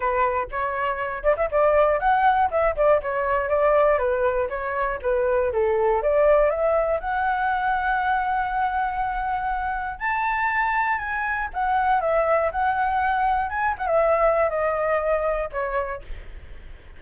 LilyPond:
\new Staff \with { instrumentName = "flute" } { \time 4/4 \tempo 4 = 120 b'4 cis''4. d''16 e''16 d''4 | fis''4 e''8 d''8 cis''4 d''4 | b'4 cis''4 b'4 a'4 | d''4 e''4 fis''2~ |
fis''1 | a''2 gis''4 fis''4 | e''4 fis''2 gis''8 fis''16 e''16~ | e''4 dis''2 cis''4 | }